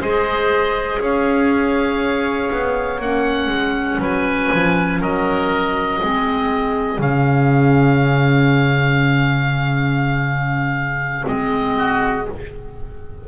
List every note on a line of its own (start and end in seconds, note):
0.00 1.00 G#3
0.00 3.00 G#4
0.00 1.01 C5
0.00 1.02 D#5
1.00 2.50 C#4
1.00 4.00 C#5
1.00 3.01 F5
2.51 3.00 B3
3.00 3.47 A#3
3.00 6.02 C#4
3.00 4.01 F#5
3.47 3.97 G#3
3.99 4.49 F#3
3.99 5.00 B4
3.99 5.03 G#5
4.54 5.01 F3
5.01 6.01 F#3
5.01 6.00 A#4
5.01 7.01 D#5
6.00 6.99 G#3
6.00 7.00 C4
6.00 11.75 G#4
6.99 11.24 C#3
6.99 11.24 C#4
6.99 11.26 F5
11.24 12.28 G#3
11.24 12.24 C4
11.24 12.28 D#5
11.77 12.27 F#4